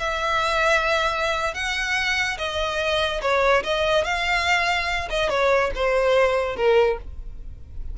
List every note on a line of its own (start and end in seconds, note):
0.00 1.55 E5
1.55 2.38 F#5
2.38 3.21 D#5
3.22 3.63 C#5
3.64 4.05 D#5
4.05 5.09 F5
5.10 5.30 D#5
5.30 5.71 C#5
5.75 6.57 C5
6.57 6.98 A#4